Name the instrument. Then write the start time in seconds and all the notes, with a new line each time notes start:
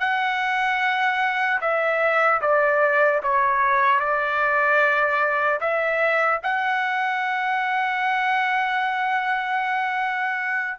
trumpet
0.00 F#5
1.61 E5
2.41 D5
3.23 C#5
4.00 D5
5.61 E5
6.43 F#5